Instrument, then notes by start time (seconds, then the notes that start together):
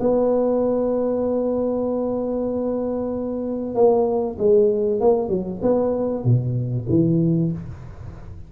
tuba
0.00 B3
3.75 A#3
4.38 G#3
5.01 A#3
5.29 F#3
5.62 B3
6.24 B2
6.89 E3